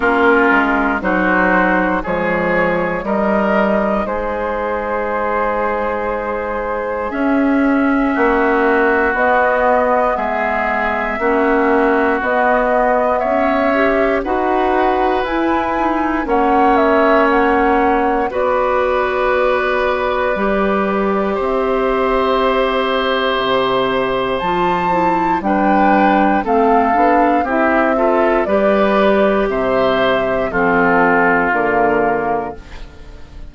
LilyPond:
<<
  \new Staff \with { instrumentName = "flute" } { \time 4/4 \tempo 4 = 59 ais'4 c''4 cis''4 dis''4 | c''2. e''4~ | e''4 dis''4 e''2 | dis''4 e''4 fis''4 gis''4 |
fis''8 e''8 fis''4 d''2~ | d''4 e''2. | a''4 g''4 f''4 e''4 | d''4 e''4 a'4 ais'4 | }
  \new Staff \with { instrumentName = "oboe" } { \time 4/4 f'4 fis'4 gis'4 ais'4 | gis'1 | fis'2 gis'4 fis'4~ | fis'4 cis''4 b'2 |
cis''2 b'2~ | b'4 c''2.~ | c''4 b'4 a'4 g'8 a'8 | b'4 c''4 f'2 | }
  \new Staff \with { instrumentName = "clarinet" } { \time 4/4 cis'4 dis'4 gis4 dis'4~ | dis'2. cis'4~ | cis'4 b2 cis'4 | b4. g'8 fis'4 e'8 dis'8 |
cis'2 fis'2 | g'1 | f'8 e'8 d'4 c'8 d'8 e'8 f'8 | g'2 c'4 ais4 | }
  \new Staff \with { instrumentName = "bassoon" } { \time 4/4 ais8 gis8 fis4 f4 g4 | gis2. cis'4 | ais4 b4 gis4 ais4 | b4 cis'4 dis'4 e'4 |
ais2 b2 | g4 c'2 c4 | f4 g4 a8 b8 c'4 | g4 c4 f4 d4 | }
>>